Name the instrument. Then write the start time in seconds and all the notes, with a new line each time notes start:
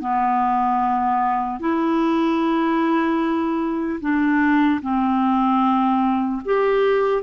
clarinet
0.00 B3
1.60 E4
4.01 D4
4.82 C4
6.45 G4